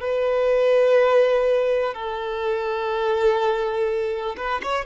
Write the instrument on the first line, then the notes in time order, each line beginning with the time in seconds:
violin
0.00 B4
1.94 A4
4.37 B4
4.63 C#5